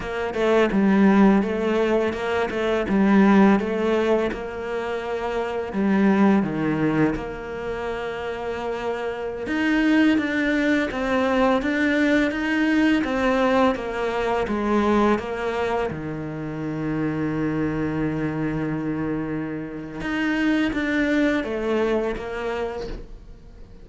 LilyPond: \new Staff \with { instrumentName = "cello" } { \time 4/4 \tempo 4 = 84 ais8 a8 g4 a4 ais8 a8 | g4 a4 ais2 | g4 dis4 ais2~ | ais4~ ais16 dis'4 d'4 c'8.~ |
c'16 d'4 dis'4 c'4 ais8.~ | ais16 gis4 ais4 dis4.~ dis16~ | dis1 | dis'4 d'4 a4 ais4 | }